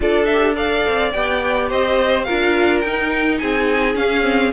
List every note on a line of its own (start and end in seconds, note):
0.00 0.84 D4
0.00 0.27 F4
0.00 0.56 A4
0.00 0.25 D5
0.25 0.53 E5
0.32 0.55 G4
0.55 1.11 A4
0.55 1.69 D5
0.55 1.12 F5
0.85 1.14 C4
1.12 1.71 B3
1.12 2.27 G4
1.12 1.68 G5
1.69 2.27 C4
1.69 2.25 C5
1.69 2.23 D#5
2.23 2.83 F4
2.23 3.38 A#4
2.23 2.79 F5
2.29 2.84 D4
2.80 3.41 D#4
2.80 3.94 D#4
2.80 3.37 G5
3.39 3.95 C4
3.39 4.53 G#4
3.39 3.95 G#5
3.94 4.22 C#4
3.94 4.51 C#4
3.94 4.52 F5
4.22 4.50 C4